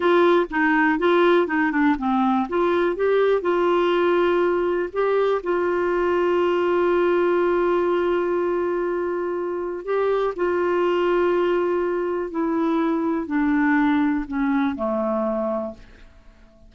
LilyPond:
\new Staff \with { instrumentName = "clarinet" } { \time 4/4 \tempo 4 = 122 f'4 dis'4 f'4 dis'8 d'8 | c'4 f'4 g'4 f'4~ | f'2 g'4 f'4~ | f'1~ |
f'1 | g'4 f'2.~ | f'4 e'2 d'4~ | d'4 cis'4 a2 | }